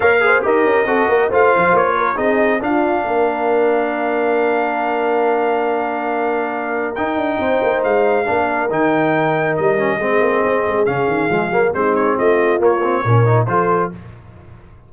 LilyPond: <<
  \new Staff \with { instrumentName = "trumpet" } { \time 4/4 \tempo 4 = 138 f''4 dis''2 f''4 | cis''4 dis''4 f''2~ | f''1~ | f''1 |
g''2 f''2 | g''2 dis''2~ | dis''4 f''2 c''8 cis''8 | dis''4 cis''2 c''4 | }
  \new Staff \with { instrumentName = "horn" } { \time 4/4 cis''8 c''8 ais'4 a'8 ais'8 c''4~ | c''8 ais'8 gis'4 f'4 ais'4~ | ais'1~ | ais'1~ |
ais'4 c''2 ais'4~ | ais'2. gis'4~ | gis'2. dis'4 | f'2 ais'4 a'4 | }
  \new Staff \with { instrumentName = "trombone" } { \time 4/4 ais'8 gis'8 g'4 fis'4 f'4~ | f'4 dis'4 d'2~ | d'1~ | d'1 |
dis'2. d'4 | dis'2~ dis'8 cis'8 c'4~ | c'4 cis'4 gis8 ais8 c'4~ | c'4 ais8 c'8 cis'8 dis'8 f'4 | }
  \new Staff \with { instrumentName = "tuba" } { \time 4/4 ais4 dis'8 cis'8 c'8 ais8 a8 f8 | ais4 c'4 d'4 ais4~ | ais1~ | ais1 |
dis'8 d'8 c'8 ais8 gis4 ais4 | dis2 g4 gis8 ais8 | c'8 gis8 cis8 dis8 f8 fis8 gis4 | a4 ais4 ais,4 f4 | }
>>